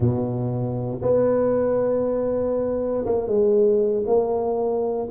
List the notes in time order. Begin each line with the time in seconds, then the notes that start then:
0.00 B2
1.02 B3
3.05 A#3
3.27 G#3
4.06 A#3